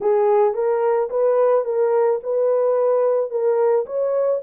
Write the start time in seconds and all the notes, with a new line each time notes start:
0.01 G#4
0.54 A#4
1.10 B4
1.64 A#4
2.23 B4
3.30 A#4
3.85 C#5